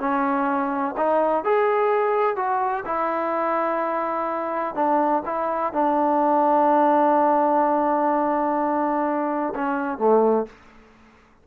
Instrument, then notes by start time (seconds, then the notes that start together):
trombone
0.00 C#4
0.98 D#4
1.45 G#4
2.37 F#4
2.86 E4
4.76 D4
5.26 E4
5.73 D4
9.55 C#4
9.99 A3